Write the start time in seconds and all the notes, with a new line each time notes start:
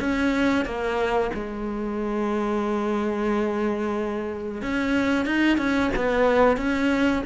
0.00 C#4
0.65 A#3
1.34 G#3
4.62 C#4
5.26 D#4
5.57 C#4
5.96 B3
6.57 C#4